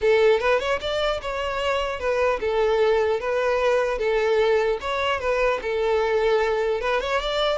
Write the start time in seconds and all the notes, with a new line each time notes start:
0.01 A4
0.39 B4
0.59 C#5
0.81 D5
1.21 C#5
1.99 B4
2.40 A4
3.20 B4
3.98 A4
4.80 C#5
5.20 B4
5.62 A4
6.80 B4
7.00 C#5
7.21 D5